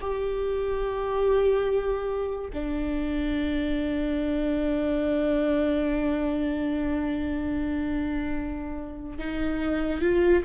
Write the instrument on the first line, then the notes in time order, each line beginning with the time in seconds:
viola
0.00 G4
2.53 D4
9.19 D#4
10.01 F4